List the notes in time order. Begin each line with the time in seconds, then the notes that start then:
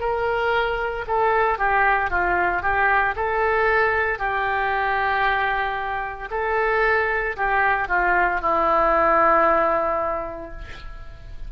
0.00 A#4
1.08 A4
1.59 G4
2.11 F4
2.63 G4
3.16 A4
4.19 G4
6.31 A4
7.37 G4
7.89 F4
8.41 E4